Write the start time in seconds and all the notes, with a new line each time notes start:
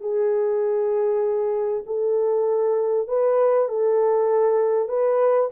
0.00 G#4
1.86 A4
3.08 B4
3.68 A4
4.88 B4